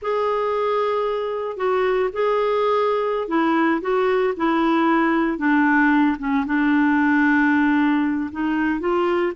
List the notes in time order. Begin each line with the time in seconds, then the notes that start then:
0.02 G#4
1.56 F#4
2.12 G#4
3.28 E4
3.81 F#4
4.36 E4
5.38 D4
6.18 C#4
6.46 D4
8.31 D#4
8.80 F4